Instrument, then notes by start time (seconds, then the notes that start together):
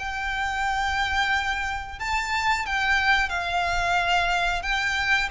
violin
0.00 G5
2.00 A5
2.66 G5
3.30 F5
4.63 G5